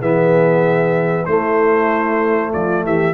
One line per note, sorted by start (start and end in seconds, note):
0.00 1.27 E3
0.00 1.28 B3
0.00 1.26 G#4
0.00 1.26 E5
1.26 2.54 A3
1.26 3.14 A3
1.26 2.52 E4
1.26 2.52 C5
2.52 2.85 F3
2.52 2.84 F4
2.52 2.85 D5
2.85 3.14 E3
2.85 3.14 G4
2.85 3.14 E5